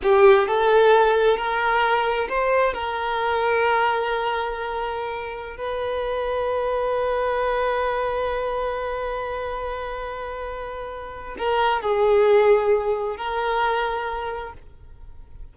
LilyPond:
\new Staff \with { instrumentName = "violin" } { \time 4/4 \tempo 4 = 132 g'4 a'2 ais'4~ | ais'4 c''4 ais'2~ | ais'1~ | ais'16 b'2.~ b'8.~ |
b'1~ | b'1~ | b'4 ais'4 gis'2~ | gis'4 ais'2. | }